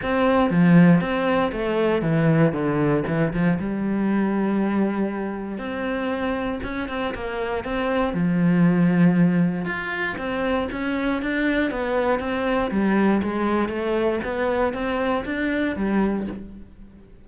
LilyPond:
\new Staff \with { instrumentName = "cello" } { \time 4/4 \tempo 4 = 118 c'4 f4 c'4 a4 | e4 d4 e8 f8 g4~ | g2. c'4~ | c'4 cis'8 c'8 ais4 c'4 |
f2. f'4 | c'4 cis'4 d'4 b4 | c'4 g4 gis4 a4 | b4 c'4 d'4 g4 | }